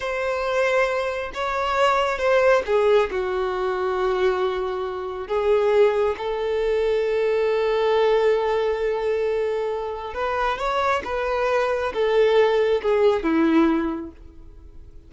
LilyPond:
\new Staff \with { instrumentName = "violin" } { \time 4/4 \tempo 4 = 136 c''2. cis''4~ | cis''4 c''4 gis'4 fis'4~ | fis'1 | gis'2 a'2~ |
a'1~ | a'2. b'4 | cis''4 b'2 a'4~ | a'4 gis'4 e'2 | }